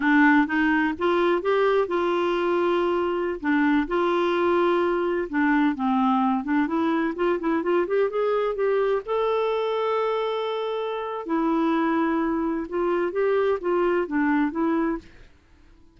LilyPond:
\new Staff \with { instrumentName = "clarinet" } { \time 4/4 \tempo 4 = 128 d'4 dis'4 f'4 g'4 | f'2.~ f'16 d'8.~ | d'16 f'2. d'8.~ | d'16 c'4. d'8 e'4 f'8 e'16~ |
e'16 f'8 g'8 gis'4 g'4 a'8.~ | a'1 | e'2. f'4 | g'4 f'4 d'4 e'4 | }